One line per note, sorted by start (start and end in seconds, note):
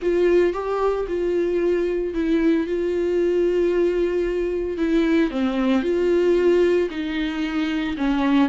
0.01 0.53 F4
0.53 1.06 G4
1.08 2.14 F4
2.14 2.66 E4
2.66 4.77 F4
4.77 5.30 E4
5.30 5.82 C4
5.82 6.88 F4
6.90 7.96 D#4
7.97 8.49 C#4